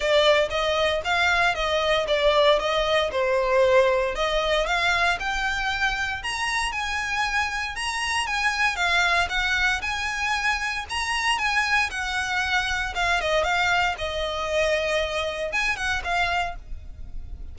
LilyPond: \new Staff \with { instrumentName = "violin" } { \time 4/4 \tempo 4 = 116 d''4 dis''4 f''4 dis''4 | d''4 dis''4 c''2 | dis''4 f''4 g''2 | ais''4 gis''2 ais''4 |
gis''4 f''4 fis''4 gis''4~ | gis''4 ais''4 gis''4 fis''4~ | fis''4 f''8 dis''8 f''4 dis''4~ | dis''2 gis''8 fis''8 f''4 | }